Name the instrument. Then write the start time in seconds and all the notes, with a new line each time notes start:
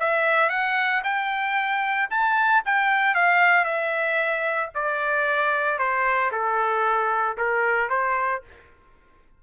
trumpet
0.00 E5
0.50 F#5
1.04 G5
2.10 A5
2.65 G5
3.15 F5
3.65 E5
4.75 D5
5.78 C5
6.32 A4
7.37 A#4
7.89 C5